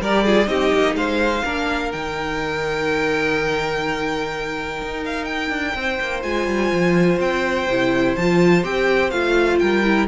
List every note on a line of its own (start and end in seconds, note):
0.00 0.48 G3
0.00 0.26 G4
0.00 0.24 A#4
0.00 0.48 D5
0.24 0.46 F4
0.24 0.48 G#4
0.46 0.72 C4
0.46 1.42 D#4
0.46 0.97 G4
0.46 0.96 D#5
0.74 0.95 A#3
0.95 1.43 G#3
0.95 1.44 C5
0.95 1.92 F5
1.44 1.93 A#3
1.44 1.93 D4
1.44 5.76 A#4
1.92 4.82 D#3
1.92 6.23 D#4
1.92 5.04 G5
4.82 5.50 D#4
5.05 5.25 F5
5.25 6.21 G5
5.50 5.74 D4
5.75 5.99 C4
5.75 9.61 C5
6.01 6.24 A#3
6.23 6.48 G#3
6.23 7.67 F4
6.23 7.19 G#5
6.48 6.72 G3
6.72 7.20 F3
7.20 7.67 C4
7.20 8.16 G5
7.67 8.15 C3
7.67 8.19 E4
8.16 8.64 F3
8.16 8.64 F4
8.16 8.64 A5
8.64 9.12 C4
8.64 9.12 G4
8.64 9.11 G5
9.11 9.60 A3
9.11 9.85 F4
9.11 9.59 F5
9.59 10.08 G3
9.59 10.08 A#4
9.59 10.07 G5
9.85 10.08 E4